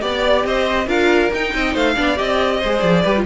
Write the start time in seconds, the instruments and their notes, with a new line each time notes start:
0.00 cello B3, viola G4, violin D5
0.45 cello C4, violin C5 D#5
0.86 cello D4, viola F4, violin A#4 F5
1.33 cello D#4, viola D#4, violin G5
1.54 cello C4, violin D#5
1.73 cello A3, violin C5 F5
1.95 cello B3, viola D4, violin D5
2.16 cello C4, viola G4, violin D#5
2.59 cello G#3, viola G#4, violin C5
2.79 cello F3, violin D5
3.02 cello G3, viola G4, violin B4
3.17 viola F4